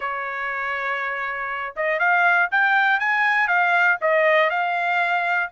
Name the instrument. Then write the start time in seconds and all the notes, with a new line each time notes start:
trumpet
0.00 C#5
1.76 D#5
1.99 F5
2.51 G5
2.99 G#5
3.47 F5
4.01 D#5
4.50 F5